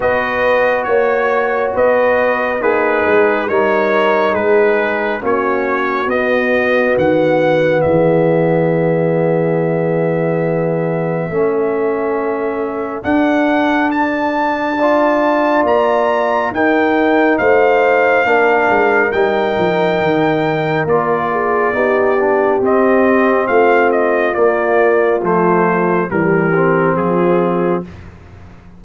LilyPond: <<
  \new Staff \with { instrumentName = "trumpet" } { \time 4/4 \tempo 4 = 69 dis''4 cis''4 dis''4 b'4 | cis''4 b'4 cis''4 dis''4 | fis''4 e''2.~ | e''2. fis''4 |
a''2 ais''4 g''4 | f''2 g''2 | d''2 dis''4 f''8 dis''8 | d''4 c''4 ais'4 gis'4 | }
  \new Staff \with { instrumentName = "horn" } { \time 4/4 b'4 cis''4 b'4 dis'4 | ais'4 gis'4 fis'2~ | fis'4 gis'2.~ | gis'4 a'2.~ |
a'4 d''2 ais'4 | c''4 ais'2.~ | ais'8 gis'8 g'2 f'4~ | f'2 g'4 f'4 | }
  \new Staff \with { instrumentName = "trombone" } { \time 4/4 fis'2. gis'4 | dis'2 cis'4 b4~ | b1~ | b4 cis'2 d'4~ |
d'4 f'2 dis'4~ | dis'4 d'4 dis'2 | f'4 dis'8 d'8 c'2 | ais4 a4 g8 c'4. | }
  \new Staff \with { instrumentName = "tuba" } { \time 4/4 b4 ais4 b4 ais8 gis8 | g4 gis4 ais4 b4 | dis4 e2.~ | e4 a2 d'4~ |
d'2 ais4 dis'4 | a4 ais8 gis8 g8 f8 dis4 | ais4 b4 c'4 a4 | ais4 f4 e4 f4 | }
>>